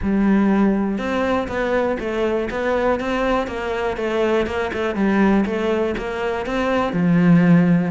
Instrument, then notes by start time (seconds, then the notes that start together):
cello
0.02 G3
0.98 C4
1.47 B3
1.99 A3
2.50 B3
3.00 C4
3.47 A#3
3.96 A3
4.46 A#3
4.73 A3
4.95 G3
5.45 A3
5.97 A#3
6.46 C4
6.92 F3